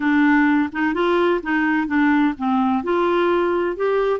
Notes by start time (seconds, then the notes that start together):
0.00 D4
0.72 D#4
0.94 F4
1.42 D#4
1.87 D4
2.38 C4
2.83 F4
3.76 G4